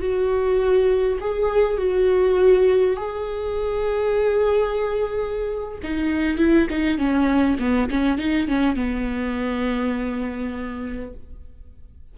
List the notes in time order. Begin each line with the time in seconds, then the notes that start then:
0.00 F#4
1.21 G#4
1.78 F#4
2.97 G#4
5.84 D#4
6.38 E4
6.70 D#4
6.98 C#4
7.60 B3
7.91 C#4
8.18 D#4
8.48 C#4
8.76 B3